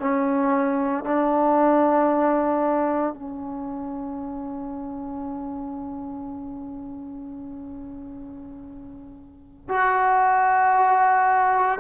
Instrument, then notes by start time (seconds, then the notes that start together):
trombone
0.00 C#4
1.05 D4
3.14 C#4
9.69 F#4